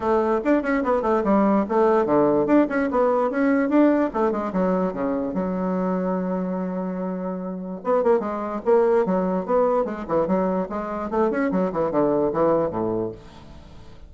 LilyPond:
\new Staff \with { instrumentName = "bassoon" } { \time 4/4 \tempo 4 = 146 a4 d'8 cis'8 b8 a8 g4 | a4 d4 d'8 cis'8 b4 | cis'4 d'4 a8 gis8 fis4 | cis4 fis2.~ |
fis2. b8 ais8 | gis4 ais4 fis4 b4 | gis8 e8 fis4 gis4 a8 cis'8 | fis8 e8 d4 e4 a,4 | }